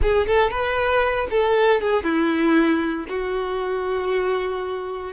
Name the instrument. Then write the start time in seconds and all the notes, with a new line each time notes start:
violin
0.02 G#4
0.27 A4
0.50 B4
1.30 A4
1.80 G#4
2.03 E4
3.08 F#4